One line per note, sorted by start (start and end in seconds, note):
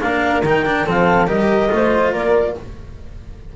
0.00 0.43 A#3
0.00 0.43 D4
0.00 0.85 A#4
0.00 0.42 F5
0.43 0.85 D#3
0.43 0.65 D#4
0.43 0.88 G5
0.65 0.86 D4
0.85 1.27 F3
0.85 1.27 C4
0.85 1.27 A4
0.85 1.28 F5
1.27 1.69 G3
1.27 1.69 G4
1.27 1.69 A#4
1.27 2.12 D#5
1.69 2.13 A3
1.69 2.54 F4
1.75 2.12 C5
2.12 2.56 A#3
2.12 2.54 A#4
2.12 2.55 D5